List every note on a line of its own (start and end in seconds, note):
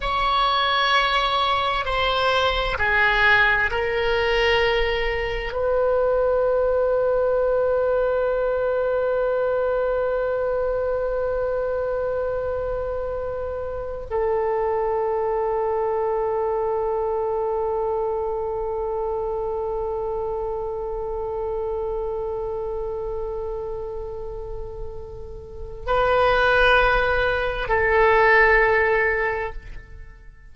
0.00 1.85 C#5
1.85 2.77 C5
2.78 3.70 G#4
3.70 5.52 A#4
5.52 14.06 B4
14.10 25.86 A4
25.86 27.68 B4
27.68 29.53 A4